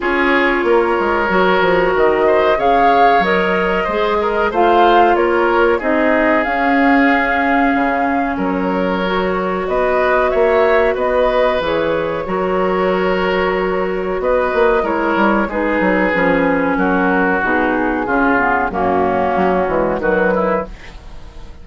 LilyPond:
<<
  \new Staff \with { instrumentName = "flute" } { \time 4/4 \tempo 4 = 93 cis''2. dis''4 | f''4 dis''2 f''4 | cis''4 dis''4 f''2~ | f''4 cis''2 dis''4 |
e''4 dis''4 cis''2~ | cis''2 dis''4 cis''4 | b'2 ais'4 gis'4~ | gis'4 fis'2 b'4 | }
  \new Staff \with { instrumentName = "oboe" } { \time 4/4 gis'4 ais'2~ ais'8 c''8 | cis''2 c''8 ais'8 c''4 | ais'4 gis'2.~ | gis'4 ais'2 b'4 |
cis''4 b'2 ais'4~ | ais'2 b'4 ais'4 | gis'2 fis'2 | f'4 cis'2 fis'8 e'8 | }
  \new Staff \with { instrumentName = "clarinet" } { \time 4/4 f'2 fis'2 | gis'4 ais'4 gis'4 f'4~ | f'4 dis'4 cis'2~ | cis'2 fis'2~ |
fis'2 gis'4 fis'4~ | fis'2. e'4 | dis'4 cis'2 dis'4 | cis'8 b8 ais4. gis8 fis4 | }
  \new Staff \with { instrumentName = "bassoon" } { \time 4/4 cis'4 ais8 gis8 fis8 f8 dis4 | cis4 fis4 gis4 a4 | ais4 c'4 cis'2 | cis4 fis2 b4 |
ais4 b4 e4 fis4~ | fis2 b8 ais8 gis8 g8 | gis8 fis8 f4 fis4 b,4 | cis4 fis,4 fis8 e8 dis4 | }
>>